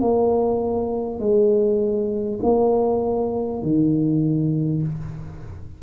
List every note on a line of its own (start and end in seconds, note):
0.00 1.19 A#3
1.19 2.39 G#3
2.42 3.62 A#3
3.62 4.82 D#3